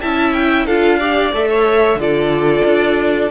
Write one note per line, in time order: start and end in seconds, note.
0.00 0.66 C#4
0.00 0.68 E4
0.00 0.65 E5
0.00 0.33 A5
0.33 0.66 G5
0.65 1.32 D4
0.65 0.99 F4
0.65 0.98 A4
0.65 1.32 F5
0.98 1.32 G4
0.98 1.48 D5
1.33 1.95 A3
1.33 1.98 A4
1.33 2.00 E5
1.49 1.99 C#5
1.95 2.61 D3
1.95 3.30 F4
1.95 3.31 A4
1.95 3.31 D5
2.64 3.30 D4